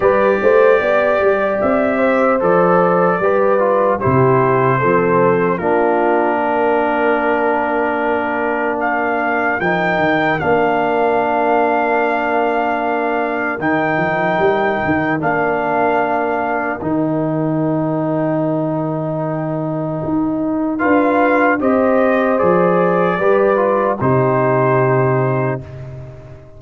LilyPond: <<
  \new Staff \with { instrumentName = "trumpet" } { \time 4/4 \tempo 4 = 75 d''2 e''4 d''4~ | d''4 c''2 ais'4~ | ais'2. f''4 | g''4 f''2.~ |
f''4 g''2 f''4~ | f''4 g''2.~ | g''2 f''4 dis''4 | d''2 c''2 | }
  \new Staff \with { instrumentName = "horn" } { \time 4/4 b'8 c''8 d''4. c''4. | b'4 g'4 a'4 f'4 | ais'1~ | ais'1~ |
ais'1~ | ais'1~ | ais'2 b'4 c''4~ | c''4 b'4 g'2 | }
  \new Staff \with { instrumentName = "trombone" } { \time 4/4 g'2. a'4 | g'8 f'8 e'4 c'4 d'4~ | d'1 | dis'4 d'2.~ |
d'4 dis'2 d'4~ | d'4 dis'2.~ | dis'2 f'4 g'4 | gis'4 g'8 f'8 dis'2 | }
  \new Staff \with { instrumentName = "tuba" } { \time 4/4 g8 a8 b8 g8 c'4 f4 | g4 c4 f4 ais4~ | ais1 | f8 dis8 ais2.~ |
ais4 dis8 f8 g8 dis8 ais4~ | ais4 dis2.~ | dis4 dis'4 d'4 c'4 | f4 g4 c2 | }
>>